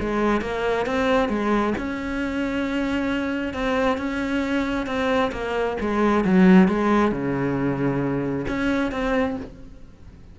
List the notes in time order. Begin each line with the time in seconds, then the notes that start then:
0.00 G#3
0.41 A#3
0.86 C4
1.29 G#3
1.77 C#4
3.53 C4
3.97 C#4
4.86 C4
5.32 A#3
5.80 G#3
6.24 F#3
6.68 G#3
7.12 C#3
8.47 C#4
8.91 C4